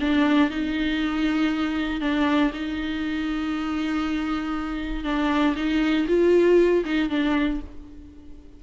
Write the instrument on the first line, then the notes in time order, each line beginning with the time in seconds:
viola
0.00 D4
0.50 D#4
2.00 D4
2.53 D#4
5.04 D4
5.55 D#4
6.08 F4
6.85 D#4
7.09 D4